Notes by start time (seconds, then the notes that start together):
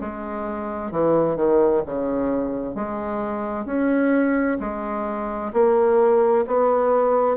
0.00 G#3
0.91 E3
1.36 D#3
1.85 C#3
2.75 G#3
3.65 C#4
4.59 G#3
5.53 A#3
6.47 B3